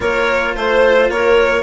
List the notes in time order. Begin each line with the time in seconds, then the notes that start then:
0.00 A#3 F4 A#4 C#5
0.55 A3 C5
1.09 A#3 A#4 C#5